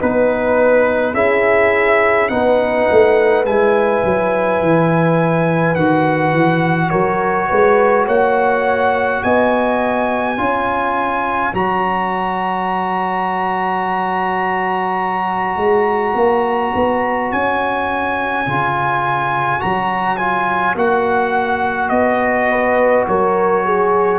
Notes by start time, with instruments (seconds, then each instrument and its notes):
0.00 tuba B3, trombone D#4, horn B4, trumpet B4
1.14 tuba C#4, trombone E4, horn G#4, trumpet E5
2.29 tuba B3, trombone D#4, horn B4, trumpet F#5
2.91 tuba A3
3.46 tuba G#3, trombone E4, trumpet G#5
4.04 tuba F#3
4.62 tuba E3
5.75 tuba D#3, trombone F#4, trumpet F#5
6.33 tuba E3
6.90 tuba F#3, horn A#4, trumpet C#5
7.49 tuba G#3, horn B4
8.06 tuba A#3, horn C#5, trumpet F#5
9.23 tuba B3, horn D#5, trumpet G#5
10.37 tuba C#4, trombone F4, horn C#5
11.54 tuba F#3, trombone F#4, trumpet A#5
15.56 tuba G#3
16.15 tuba A#3
16.75 tuba B3
17.32 tuba C#4, trumpet G#5
18.46 tuba C#3, trombone F4
19.60 tuba F#3, trombone F#4, trumpet A#5
20.17 trombone F4, trumpet G#5
20.75 tuba A#3, trombone F#4, trumpet F#5
21.89 tuba B3, trumpet D#5
22.50 horn B4
23.08 tuba F#3, horn A#4, trumpet C#5
23.66 horn G#4